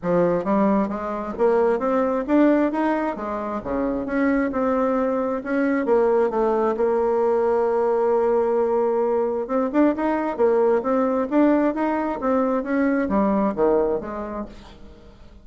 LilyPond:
\new Staff \with { instrumentName = "bassoon" } { \time 4/4 \tempo 4 = 133 f4 g4 gis4 ais4 | c'4 d'4 dis'4 gis4 | cis4 cis'4 c'2 | cis'4 ais4 a4 ais4~ |
ais1~ | ais4 c'8 d'8 dis'4 ais4 | c'4 d'4 dis'4 c'4 | cis'4 g4 dis4 gis4 | }